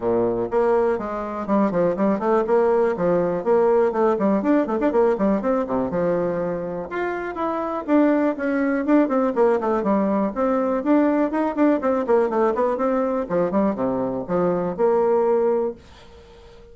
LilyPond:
\new Staff \with { instrumentName = "bassoon" } { \time 4/4 \tempo 4 = 122 ais,4 ais4 gis4 g8 f8 | g8 a8 ais4 f4 ais4 | a8 g8 d'8 a16 d'16 ais8 g8 c'8 c8 | f2 f'4 e'4 |
d'4 cis'4 d'8 c'8 ais8 a8 | g4 c'4 d'4 dis'8 d'8 | c'8 ais8 a8 b8 c'4 f8 g8 | c4 f4 ais2 | }